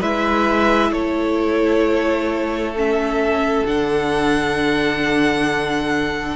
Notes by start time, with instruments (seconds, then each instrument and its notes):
0.00 cello G#3, viola E4, violin B4 E5
0.90 cello A3, violin A4 C#5
2.76 viola C#4, violin E5
3.65 cello D3, viola D4, violin F#5